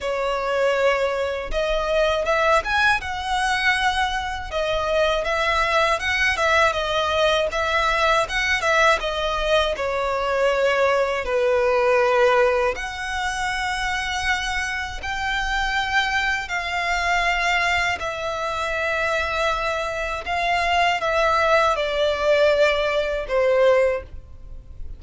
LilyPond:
\new Staff \with { instrumentName = "violin" } { \time 4/4 \tempo 4 = 80 cis''2 dis''4 e''8 gis''8 | fis''2 dis''4 e''4 | fis''8 e''8 dis''4 e''4 fis''8 e''8 | dis''4 cis''2 b'4~ |
b'4 fis''2. | g''2 f''2 | e''2. f''4 | e''4 d''2 c''4 | }